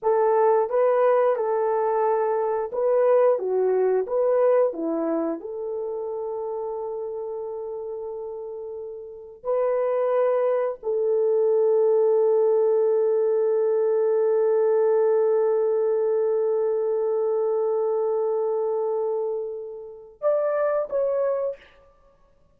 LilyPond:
\new Staff \with { instrumentName = "horn" } { \time 4/4 \tempo 4 = 89 a'4 b'4 a'2 | b'4 fis'4 b'4 e'4 | a'1~ | a'2 b'2 |
a'1~ | a'1~ | a'1~ | a'2 d''4 cis''4 | }